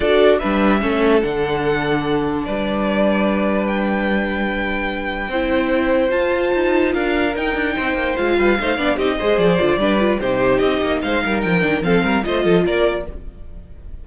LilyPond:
<<
  \new Staff \with { instrumentName = "violin" } { \time 4/4 \tempo 4 = 147 d''4 e''2 fis''4~ | fis''2 d''2~ | d''4 g''2.~ | g''2. a''4~ |
a''4 f''4 g''2 | f''2 dis''4 d''4~ | d''4 c''4 dis''4 f''4 | g''4 f''4 dis''4 d''4 | }
  \new Staff \with { instrumentName = "violin" } { \time 4/4 a'4 b'4 a'2~ | a'2 b'2~ | b'1~ | b'4 c''2.~ |
c''4 ais'2 c''4~ | c''8 b'8 c''8 d''8 g'8 c''4. | b'4 g'2 c''8 ais'8~ | ais'4 a'8 ais'8 c''8 a'8 ais'4 | }
  \new Staff \with { instrumentName = "viola" } { \time 4/4 fis'4 d'4 cis'4 d'4~ | d'1~ | d'1~ | d'4 e'2 f'4~ |
f'2 dis'2 | f'4 dis'8 d'8 dis'8 gis'4 f'8 | d'8 f'8 dis'2.~ | dis'8 d'8 c'4 f'2 | }
  \new Staff \with { instrumentName = "cello" } { \time 4/4 d'4 g4 a4 d4~ | d2 g2~ | g1~ | g4 c'2 f'4 |
dis'4 d'4 dis'8 d'8 c'8 ais8 | gis8 g8 a8 b8 c'8 gis8 f8 d8 | g4 c4 c'8 ais8 gis8 g8 | f8 dis8 f8 g8 a8 f8 ais4 | }
>>